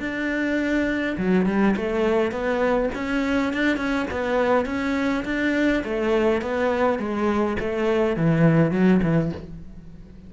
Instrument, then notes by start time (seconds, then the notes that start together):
cello
0.00 D4
1.17 F#3
1.46 G3
1.76 A3
2.31 B3
2.95 C#4
3.53 D4
3.77 C#4
4.11 B3
4.65 C#4
5.25 D4
5.84 A3
6.41 B3
6.98 G#3
7.59 A3
8.16 E3
8.71 F#3
9.03 E3